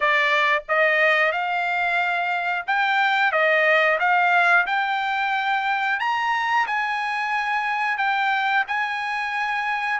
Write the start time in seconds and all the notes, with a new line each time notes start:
0.00 D5
0.68 D#5
1.32 F5
2.67 G5
3.32 D#5
3.99 F5
4.66 G5
5.99 A#5
6.67 G#5
7.97 G5
8.67 G#5